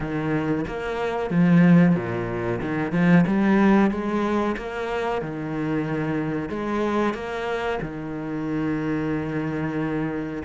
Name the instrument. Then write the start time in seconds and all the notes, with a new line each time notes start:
cello
0.00 D#3
0.67 A#3
1.30 F3
1.95 A#2
2.61 D#3
2.92 F3
3.26 G3
3.90 G#3
4.56 A#3
5.21 D#3
6.49 G#3
7.14 A#3
7.81 D#3